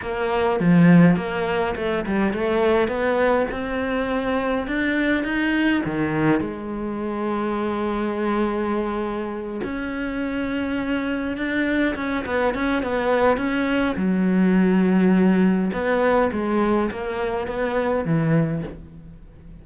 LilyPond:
\new Staff \with { instrumentName = "cello" } { \time 4/4 \tempo 4 = 103 ais4 f4 ais4 a8 g8 | a4 b4 c'2 | d'4 dis'4 dis4 gis4~ | gis1~ |
gis8 cis'2. d'8~ | d'8 cis'8 b8 cis'8 b4 cis'4 | fis2. b4 | gis4 ais4 b4 e4 | }